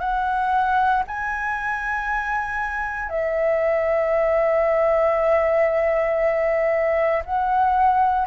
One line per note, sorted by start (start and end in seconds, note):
0.00 1.03 F#5
1.08 3.09 G#5
3.09 7.23 E5
7.25 8.28 F#5